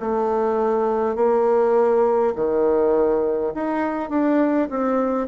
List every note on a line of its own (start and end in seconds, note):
0.00 1.16 A3
1.16 2.34 A#3
2.36 3.53 D#3
3.55 4.10 D#4
4.10 4.68 D4
4.70 5.28 C4